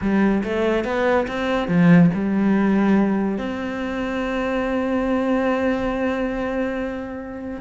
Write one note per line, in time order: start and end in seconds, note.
0.01 0.43 G3
0.43 0.84 A3
0.84 1.26 B3
1.27 1.68 C4
1.68 2.10 F3
2.13 3.38 G3
3.38 7.60 C4